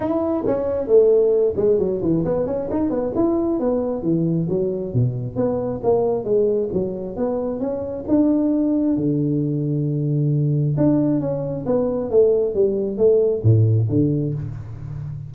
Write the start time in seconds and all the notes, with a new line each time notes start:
0.00 E4
0.46 C#4
0.87 A3
1.56 G#3
1.78 F#3
2.02 E3
2.24 B3
2.46 C#4
2.70 D#4
2.89 B3
3.15 E4
3.59 B3
4.02 E3
4.49 F#3
4.93 B2
5.35 B3
5.83 A#3
6.24 G#3
6.72 F#3
7.16 B3
7.60 C#4
8.07 D4
8.97 D3
10.77 D4
11.20 C#4
11.65 B3
12.10 A3
12.54 G3
12.97 A3
13.43 A2
13.89 D3